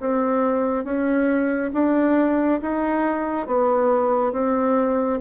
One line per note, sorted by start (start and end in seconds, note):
0.00 0.84 C4
0.84 1.71 C#4
1.74 2.60 D4
2.62 3.47 D#4
3.47 4.32 B3
4.32 5.19 C4